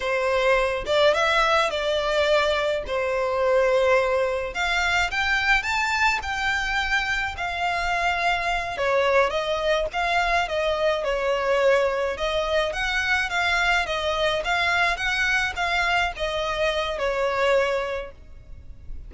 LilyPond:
\new Staff \with { instrumentName = "violin" } { \time 4/4 \tempo 4 = 106 c''4. d''8 e''4 d''4~ | d''4 c''2. | f''4 g''4 a''4 g''4~ | g''4 f''2~ f''8 cis''8~ |
cis''8 dis''4 f''4 dis''4 cis''8~ | cis''4. dis''4 fis''4 f''8~ | f''8 dis''4 f''4 fis''4 f''8~ | f''8 dis''4. cis''2 | }